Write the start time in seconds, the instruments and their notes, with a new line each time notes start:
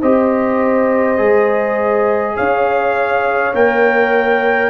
0.00 tuba C4, trombone G4, horn C5, trumpet D#5
1.17 tuba G#3, trombone G#4
2.36 tuba C#4, horn C#5, trumpet F5
3.53 tuba A#3, trombone A#4, trumpet G5